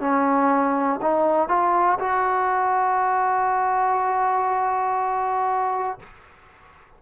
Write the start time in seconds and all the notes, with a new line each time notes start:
0.00 C#4
1.01 D#4
1.48 F4
1.99 F#4